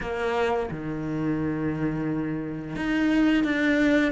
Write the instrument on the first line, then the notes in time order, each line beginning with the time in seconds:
cello
0.00 A#3
0.70 D#3
2.76 D#4
3.44 D4